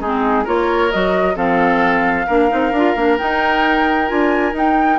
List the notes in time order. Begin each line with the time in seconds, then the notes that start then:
0.00 G#3 C4 D#4 G#4
0.44 A#3 F4 A#4 C#5
0.91 F#3 F#4 D#5
1.35 F3 C4 A4 F5
2.26 A#3 D4 A#4
2.49 C4 D#4
2.72 D4 F4
2.95 A#3 D4
3.18 D#4 G5
4.07 D4 F4 G#5
4.53 D#4 G5